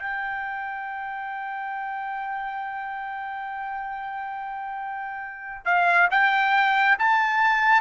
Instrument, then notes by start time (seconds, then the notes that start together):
trumpet
0.00 G5
5.66 F5
6.11 G5
6.99 A5